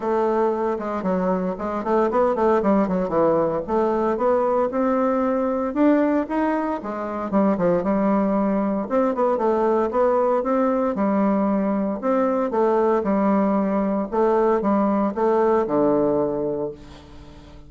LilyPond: \new Staff \with { instrumentName = "bassoon" } { \time 4/4 \tempo 4 = 115 a4. gis8 fis4 gis8 a8 | b8 a8 g8 fis8 e4 a4 | b4 c'2 d'4 | dis'4 gis4 g8 f8 g4~ |
g4 c'8 b8 a4 b4 | c'4 g2 c'4 | a4 g2 a4 | g4 a4 d2 | }